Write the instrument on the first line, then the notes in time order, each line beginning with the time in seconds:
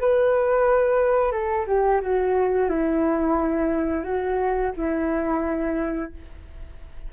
flute
0.00 B4
1.31 A4
1.67 G4
2.01 F#4
2.68 E4
4.03 F#4
4.76 E4